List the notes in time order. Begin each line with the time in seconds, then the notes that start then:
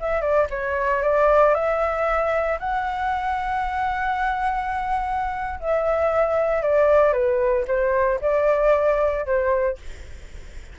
0.00 E5
0.21 D5
0.50 C#5
1.02 D5
1.54 E5
2.60 F#5
5.60 E5
6.62 D5
7.13 B4
7.68 C5
8.21 D5
9.26 C5